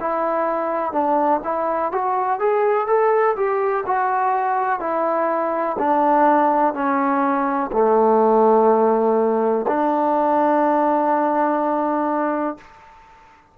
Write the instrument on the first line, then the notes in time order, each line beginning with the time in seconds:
trombone
0.00 E4
0.92 D4
1.43 E4
1.91 F#4
2.39 G#4
2.87 A4
3.36 G4
3.86 F#4
4.79 E4
5.78 D4
6.73 C#4
7.72 A3
9.67 D4